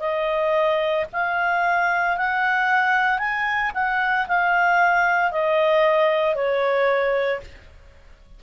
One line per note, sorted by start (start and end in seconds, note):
0.00 1.05 D#5
1.13 2.17 F5
2.17 3.19 F#5
3.19 3.72 G#5
3.74 4.27 F#5
4.28 5.32 F5
5.32 6.35 D#5
6.35 7.41 C#5